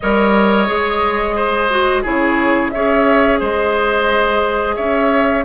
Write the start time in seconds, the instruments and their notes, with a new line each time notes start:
0.00 bassoon G3, clarinet A#4, oboe C#5, flute D#5
0.66 bassoon G#3, clarinet G#4
1.36 oboe C5
1.69 clarinet F#4
2.02 bassoon C#3, clarinet E4, oboe G#4, flute C#5
2.70 bassoon C#4, clarinet G#4, oboe C#5, flute E5
3.39 bassoon G#3, oboe C5, flute D#5
4.75 bassoon C#4, oboe C#5, flute E5